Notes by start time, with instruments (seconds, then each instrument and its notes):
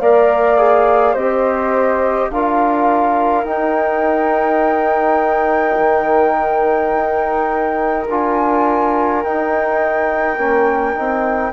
0.00 bassoon A#3, trombone A#4, flute D5 F5
0.58 trombone G#4
1.13 bassoon C4, trombone G4, flute C5 D#5
2.31 bassoon D4, trombone F4, flute A#4 F5
3.44 bassoon D#4, trombone D#4, flute G5
5.78 bassoon D#3
6.95 bassoon D#4
8.09 bassoon D4, trombone F4, flute G#5
9.23 trombone D#4, bassoon D#4, flute G5
10.38 bassoon A#3, trombone C#4
10.96 bassoon C4, trombone D#4